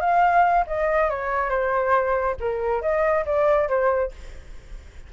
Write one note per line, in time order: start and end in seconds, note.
0.00 0.65 F5
0.66 1.09 D#5
1.09 1.49 C#5
1.49 2.35 C5
2.39 2.81 A#4
2.81 3.24 D#5
3.25 3.68 D5
3.68 4.11 C5